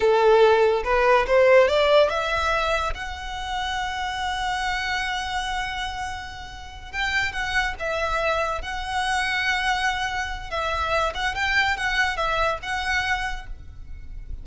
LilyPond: \new Staff \with { instrumentName = "violin" } { \time 4/4 \tempo 4 = 143 a'2 b'4 c''4 | d''4 e''2 fis''4~ | fis''1~ | fis''1~ |
fis''8 g''4 fis''4 e''4.~ | e''8 fis''2.~ fis''8~ | fis''4 e''4. fis''8 g''4 | fis''4 e''4 fis''2 | }